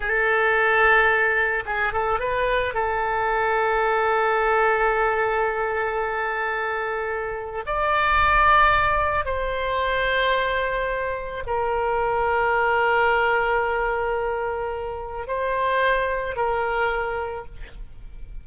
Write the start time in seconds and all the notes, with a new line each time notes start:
0.00 A4
1.65 G#4
1.92 A4
2.19 B4
2.73 A4
7.65 D5
9.25 C5
11.46 A#4
15.27 C5
16.36 A#4